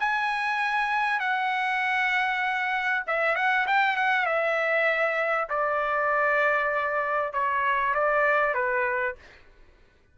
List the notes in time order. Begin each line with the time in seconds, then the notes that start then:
0.00 G#5
1.20 F#5
3.07 E5
3.36 F#5
3.67 G5
3.97 F#5
4.26 E5
5.49 D5
7.33 C#5
7.95 D5
8.54 B4